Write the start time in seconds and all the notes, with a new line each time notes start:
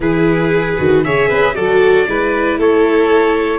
0.00 E3 E4 G#4 B4
0.77 D#3 F#4
1.04 C#3 G#4 C#5 E5
1.28 C#4 B4
1.55 F#3 F#4 A4 D5
2.07 G#3 E4 B4
2.58 A3 A4 C#5